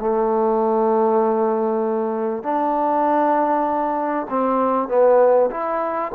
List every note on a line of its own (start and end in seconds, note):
0.00 2.44 A3
2.44 4.27 D4
4.30 4.89 C4
4.89 5.50 B3
5.51 6.12 E4